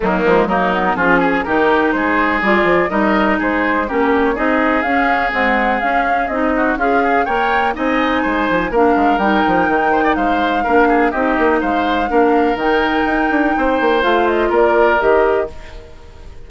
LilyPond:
<<
  \new Staff \with { instrumentName = "flute" } { \time 4/4 \tempo 4 = 124 dis'4 ais'4 gis'4 ais'4 | c''4 d''4 dis''4 c''4 | ais'8 d'16 cis''16 dis''4 f''4 fis''4 | f''4 dis''4 f''4 g''4 |
gis''2 f''4 g''4~ | g''4 f''2 dis''4 | f''2 g''2~ | g''4 f''8 dis''8 d''4 dis''4 | }
  \new Staff \with { instrumentName = "oboe" } { \time 4/4 ais4 dis'4 f'8 gis'8 g'4 | gis'2 ais'4 gis'4 | g'4 gis'2.~ | gis'4. fis'8 f'8 gis'8 cis''4 |
dis''4 c''4 ais'2~ | ais'8 c''16 d''16 c''4 ais'8 gis'8 g'4 | c''4 ais'2. | c''2 ais'2 | }
  \new Staff \with { instrumentName = "clarinet" } { \time 4/4 fis8 gis8 ais8 b8 cis'4 dis'4~ | dis'4 f'4 dis'2 | cis'4 dis'4 cis'4 gis4 | cis'4 dis'4 gis'4 ais'4 |
dis'2 d'4 dis'4~ | dis'2 d'4 dis'4~ | dis'4 d'4 dis'2~ | dis'4 f'2 g'4 | }
  \new Staff \with { instrumentName = "bassoon" } { \time 4/4 dis8 f8 fis4 f4 dis4 | gis4 g8 f8 g4 gis4 | ais4 c'4 cis'4 c'4 | cis'4 c'4 cis'4 ais4 |
c'4 gis8 f8 ais8 gis8 g8 f8 | dis4 gis4 ais4 c'8 ais8 | gis4 ais4 dis4 dis'8 d'8 | c'8 ais8 a4 ais4 dis4 | }
>>